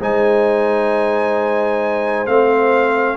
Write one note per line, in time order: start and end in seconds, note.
0.00 2.27 G#3
0.00 2.27 D#4
0.00 3.17 C5
0.00 2.27 G#5
2.27 3.17 A3
2.27 3.17 C4
2.27 3.17 F5